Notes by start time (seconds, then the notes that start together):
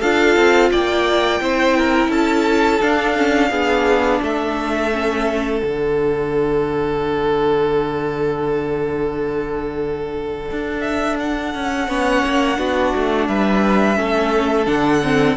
0.00 D4 F4 A4 F5
0.36 C4
0.72 A#3 D5 G5
1.41 C4 E4 C5
1.77 A#4
2.09 C#4 A4 A5
2.81 D4 F5
3.17 C#4
3.51 B3 D4 G#4
4.22 A3 A4 E5
4.93 C#4
5.59 D3 D4 F#5
10.51 D4
10.81 E5
11.19 F#5
11.55 C#4
11.89 B3 C#4 C#5
12.26 A#3
12.56 B3 D4 F#4
12.95 A3
13.27 G3 B4 E5
13.95 A3 C#4 A4
14.66 D3 D4 F#5
15.03 C4